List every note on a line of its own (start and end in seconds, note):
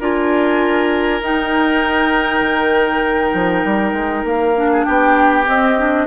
0.00 1.21 D4
0.00 1.21 F4
0.00 4.70 A#4
0.00 1.23 G#5
1.21 2.41 D#4
1.21 4.55 D#4
1.21 4.27 G5
2.41 3.32 D#3
3.34 3.64 F3
3.65 3.93 G3
3.93 4.23 G#3
4.24 4.85 A#3
4.24 4.84 F5
4.55 5.45 D4
4.72 4.86 G#4
4.84 5.47 B3
4.84 6.07 G4
4.84 5.45 G5
5.45 5.75 C4
5.45 6.07 C4
5.45 6.07 D#5
5.78 6.07 D4